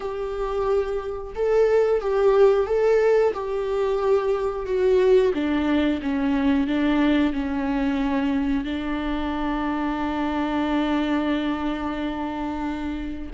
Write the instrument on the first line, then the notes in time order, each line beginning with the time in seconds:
viola
0.00 G4
1.35 A4
2.00 G4
2.66 A4
3.33 G4
4.65 F#4
5.33 D4
6.02 C#4
6.67 D4
7.32 C#4
8.64 D4